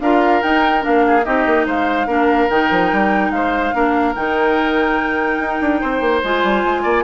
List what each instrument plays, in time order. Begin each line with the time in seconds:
0.00 bassoon D4, clarinet F4, oboe A#4, flute F5
0.42 clarinet D#4, bassoon D#4, flute G5
0.80 bassoon A#3, clarinet D4, flute F5
1.07 oboe G#4
1.24 bassoon C4, clarinet D#4, oboe G4, flute D#5
1.46 bassoon A#3
1.66 bassoon G#3, oboe C5, flute F5
2.06 bassoon A#3, clarinet D4, oboe A#4
2.50 bassoon D#3, clarinet D#4, flute G5
2.70 bassoon F3
2.92 bassoon G3
3.30 bassoon G#3, oboe C5, flute F5
3.73 bassoon A#3, clarinet D4, oboe A#4
4.14 bassoon D#3, clarinet D#4, flute G5
5.38 bassoon D#4
5.61 bassoon D4
5.80 bassoon C4, oboe C5
6.00 bassoon A#3
6.23 bassoon G#3, clarinet F4, flute G#5
6.43 bassoon G3
6.64 bassoon G#3
6.82 bassoon A#3, oboe D5